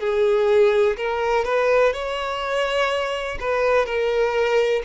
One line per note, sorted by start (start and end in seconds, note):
0.00 0.97 G#4
0.97 1.45 A#4
1.45 1.93 B4
1.93 3.38 C#5
3.40 3.86 B4
3.86 4.83 A#4